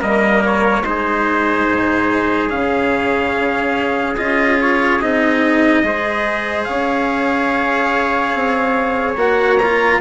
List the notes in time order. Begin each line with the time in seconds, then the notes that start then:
0.00 G3 A#3 A#4 D#5
0.45 C#5
0.82 G#3 D#4 C5
0.89 G#4
1.69 G#2
2.49 C#3 C#4 F5
4.17 C#4 F4 D#5
4.60 C#5
5.01 C4 D#4 D#5
5.83 G#3 G#4 C5
6.64 C#4 C#5 F5
8.34 C4
9.16 A#3 F#4 F#5
9.58 F4 A#5